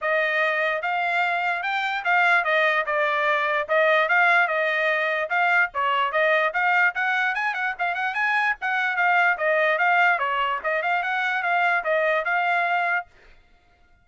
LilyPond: \new Staff \with { instrumentName = "trumpet" } { \time 4/4 \tempo 4 = 147 dis''2 f''2 | g''4 f''4 dis''4 d''4~ | d''4 dis''4 f''4 dis''4~ | dis''4 f''4 cis''4 dis''4 |
f''4 fis''4 gis''8 fis''8 f''8 fis''8 | gis''4 fis''4 f''4 dis''4 | f''4 cis''4 dis''8 f''8 fis''4 | f''4 dis''4 f''2 | }